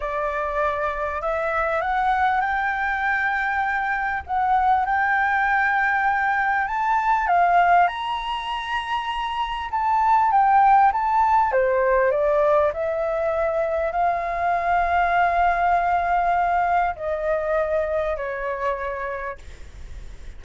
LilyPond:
\new Staff \with { instrumentName = "flute" } { \time 4/4 \tempo 4 = 99 d''2 e''4 fis''4 | g''2. fis''4 | g''2. a''4 | f''4 ais''2. |
a''4 g''4 a''4 c''4 | d''4 e''2 f''4~ | f''1 | dis''2 cis''2 | }